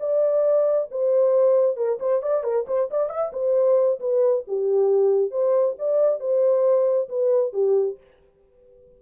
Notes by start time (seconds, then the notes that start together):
0.00 D5
0.91 C5
1.77 A#4
2.00 C5
2.23 D5
2.44 A#4
2.68 C5
2.91 D5
3.10 E5
3.33 C5
4.00 B4
4.48 G4
5.31 C5
5.79 D5
6.20 C5
7.09 B4
7.53 G4